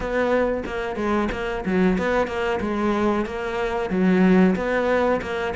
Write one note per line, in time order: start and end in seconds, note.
0.00 0.63 B3
0.66 0.96 A#3
0.96 1.28 G#3
1.31 1.64 A#3
1.65 1.97 F#3
1.97 2.27 B3
2.27 2.59 A#3
2.60 3.25 G#3
3.25 3.90 A#3
3.90 4.55 F#3
4.55 5.20 B3
5.21 5.54 A#3